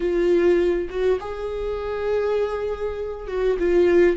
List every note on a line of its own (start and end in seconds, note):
0.00 0.88 F4
0.89 1.19 F#4
1.19 3.27 G#4
3.27 3.57 F#4
3.59 4.16 F4